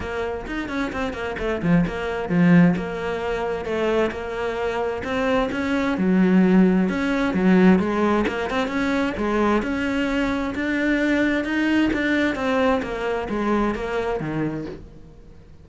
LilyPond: \new Staff \with { instrumentName = "cello" } { \time 4/4 \tempo 4 = 131 ais4 dis'8 cis'8 c'8 ais8 a8 f8 | ais4 f4 ais2 | a4 ais2 c'4 | cis'4 fis2 cis'4 |
fis4 gis4 ais8 c'8 cis'4 | gis4 cis'2 d'4~ | d'4 dis'4 d'4 c'4 | ais4 gis4 ais4 dis4 | }